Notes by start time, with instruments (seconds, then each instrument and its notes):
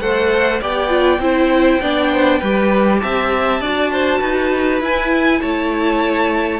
0.00 cello A3, viola A4, violin C5 F#5
0.61 cello B3, viola G4, violin D5 G5
0.88 viola F4
1.19 cello C4, viola E4, violin C5
1.81 cello B3, viola D4, violin D5
2.11 violin C5
2.39 cello G3, viola G4, violin B4
2.99 cello C4, violin E5 A5
3.60 cello D4, viola F#4, violin D5
3.92 violin C5
4.19 cello D#4, violin B4
4.80 cello E4, viola E4, violin G#5
5.41 cello A3, violin C#5 A5